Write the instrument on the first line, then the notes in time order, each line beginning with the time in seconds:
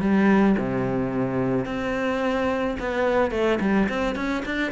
cello
0.00 G3
0.58 C3
1.65 C4
2.79 B3
3.31 A3
3.60 G3
3.89 C4
4.15 C#4
4.45 D4